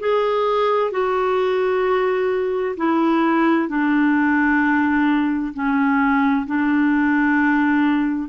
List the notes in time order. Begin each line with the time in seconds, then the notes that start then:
0.00 G#4
0.91 F#4
2.77 E4
3.69 D4
5.54 C#4
6.47 D4